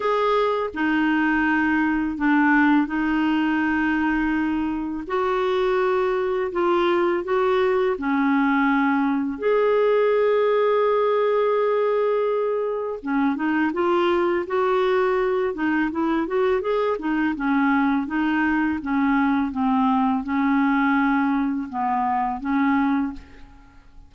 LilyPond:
\new Staff \with { instrumentName = "clarinet" } { \time 4/4 \tempo 4 = 83 gis'4 dis'2 d'4 | dis'2. fis'4~ | fis'4 f'4 fis'4 cis'4~ | cis'4 gis'2.~ |
gis'2 cis'8 dis'8 f'4 | fis'4. dis'8 e'8 fis'8 gis'8 dis'8 | cis'4 dis'4 cis'4 c'4 | cis'2 b4 cis'4 | }